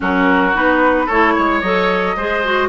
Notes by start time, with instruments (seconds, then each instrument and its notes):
0.00 bassoon F#3, clarinet C#4, oboe F#4, flute A#4
0.54 bassoon B3, clarinet D#4, flute B4
1.05 bassoon A3, clarinet E4, oboe A4, flute C#5
1.35 bassoon G#3, oboe C#5
1.61 bassoon F#3, clarinet A4, flute D#5
2.16 bassoon G#3, clarinet G#4, oboe C5
2.43 clarinet F#4